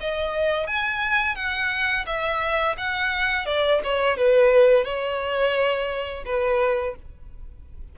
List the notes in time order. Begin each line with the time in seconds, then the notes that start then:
0.00 D#5
0.67 G#5
1.35 F#5
2.06 E5
2.77 F#5
3.46 D5
3.83 C#5
4.17 B4
4.84 C#5
6.25 B4